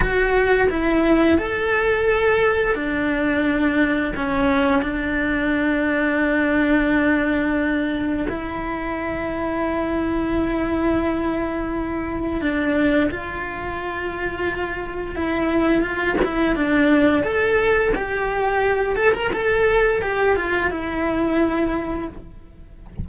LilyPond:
\new Staff \with { instrumentName = "cello" } { \time 4/4 \tempo 4 = 87 fis'4 e'4 a'2 | d'2 cis'4 d'4~ | d'1 | e'1~ |
e'2 d'4 f'4~ | f'2 e'4 f'8 e'8 | d'4 a'4 g'4. a'16 ais'16 | a'4 g'8 f'8 e'2 | }